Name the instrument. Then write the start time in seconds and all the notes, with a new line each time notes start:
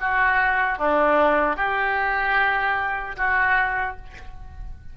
oboe
0.00 F#4
0.78 D4
1.56 G4
3.17 F#4